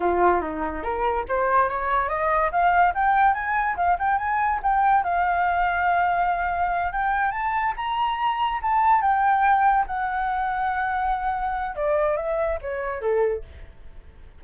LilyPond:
\new Staff \with { instrumentName = "flute" } { \time 4/4 \tempo 4 = 143 f'4 dis'4 ais'4 c''4 | cis''4 dis''4 f''4 g''4 | gis''4 f''8 g''8 gis''4 g''4 | f''1~ |
f''8 g''4 a''4 ais''4.~ | ais''8 a''4 g''2 fis''8~ | fis''1 | d''4 e''4 cis''4 a'4 | }